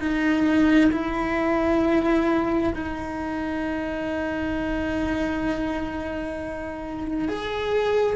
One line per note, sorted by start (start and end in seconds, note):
0.00 0.91 D#4
0.92 2.74 E4
2.74 7.29 D#4
7.29 8.16 G#4